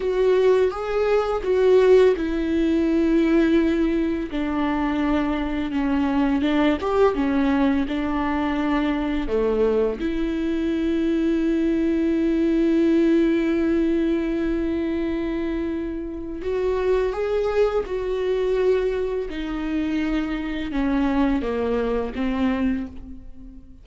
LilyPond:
\new Staff \with { instrumentName = "viola" } { \time 4/4 \tempo 4 = 84 fis'4 gis'4 fis'4 e'4~ | e'2 d'2 | cis'4 d'8 g'8 cis'4 d'4~ | d'4 a4 e'2~ |
e'1~ | e'2. fis'4 | gis'4 fis'2 dis'4~ | dis'4 cis'4 ais4 c'4 | }